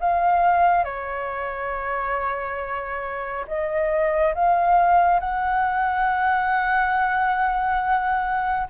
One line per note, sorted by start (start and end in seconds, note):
0.00 0.85 F5
0.85 3.45 C#5
3.47 4.34 D#5
4.35 5.20 F5
5.20 8.68 F#5